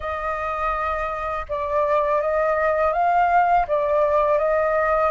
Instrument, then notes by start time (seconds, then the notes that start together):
flute
0.00 D#5
1.48 D5
2.21 D#5
2.92 F5
3.67 D5
4.38 D#5